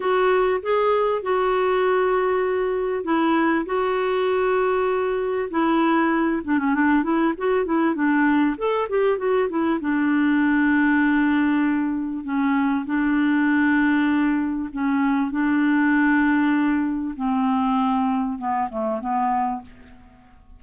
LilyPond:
\new Staff \with { instrumentName = "clarinet" } { \time 4/4 \tempo 4 = 98 fis'4 gis'4 fis'2~ | fis'4 e'4 fis'2~ | fis'4 e'4. d'16 cis'16 d'8 e'8 | fis'8 e'8 d'4 a'8 g'8 fis'8 e'8 |
d'1 | cis'4 d'2. | cis'4 d'2. | c'2 b8 a8 b4 | }